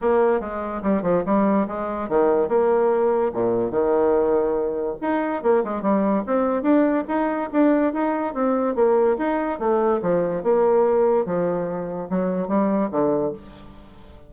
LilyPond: \new Staff \with { instrumentName = "bassoon" } { \time 4/4 \tempo 4 = 144 ais4 gis4 g8 f8 g4 | gis4 dis4 ais2 | ais,4 dis2. | dis'4 ais8 gis8 g4 c'4 |
d'4 dis'4 d'4 dis'4 | c'4 ais4 dis'4 a4 | f4 ais2 f4~ | f4 fis4 g4 d4 | }